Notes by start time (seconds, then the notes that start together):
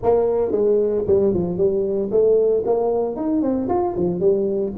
0.03 A#3
0.51 G#3
1.07 G3
1.33 F3
1.57 G3
2.11 A3
2.65 A#3
3.16 D#4
3.42 C4
3.68 F4
3.96 F3
4.20 G3